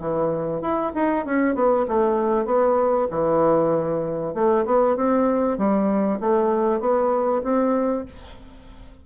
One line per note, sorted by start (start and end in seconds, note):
0.00 0.62 E3
0.62 0.93 E4
0.95 1.26 D#4
1.26 1.55 C#4
1.55 1.86 B3
1.88 2.46 A3
2.46 3.08 B3
3.11 4.34 E3
4.34 4.65 A3
4.66 4.97 B3
4.97 5.58 C4
5.58 6.20 G3
6.21 6.81 A3
6.81 7.43 B3
7.44 8.06 C4